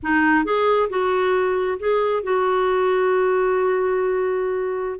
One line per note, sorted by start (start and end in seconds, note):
0.02 0.44 D#4
0.44 0.89 G#4
0.89 1.78 F#4
1.79 2.23 G#4
2.23 4.99 F#4